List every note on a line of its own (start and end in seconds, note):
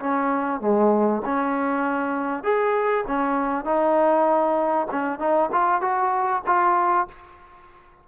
0.00 0.61 C#4
0.61 1.22 G#3
1.26 2.44 C#4
2.44 3.05 G#4
3.08 3.65 C#4
3.65 4.88 D#4
4.92 5.20 C#4
5.20 5.50 D#4
5.52 5.82 F4
5.82 6.43 F#4
6.47 7.08 F4